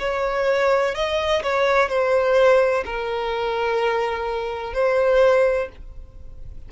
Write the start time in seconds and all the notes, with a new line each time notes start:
0.00 C#5
0.95 D#5
1.43 C#5
1.90 C5
2.86 A#4
4.74 C5